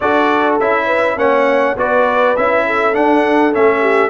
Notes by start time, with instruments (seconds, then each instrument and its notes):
0.00 tuba D4, trombone F#4, horn A4, trumpet D5
0.59 tuba C#4, trombone E4, trumpet E5
0.86 horn B4
1.16 tuba A#3, trombone C#4, horn C#5, trumpet F#5
1.76 tuba B3, trombone F#4, horn B4, trumpet D5
2.36 tuba C#4, trombone E4, trumpet E5
2.66 horn A4
2.93 trombone D4, tuba D4, trumpet F#5
3.52 tuba A3, trombone C#4, trumpet E5
3.80 horn G4